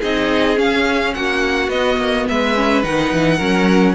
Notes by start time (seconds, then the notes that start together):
0.00 C4 D#4 G#4 D#5
0.56 C#4 F5
1.15 A#3 F#4 F#5
1.69 B3 D#5
1.98 A#3
2.29 G#3 B4 E5
2.56 C#4
2.83 D#3 D#4 F#5
3.13 E3
3.37 F#3 C#4 A#4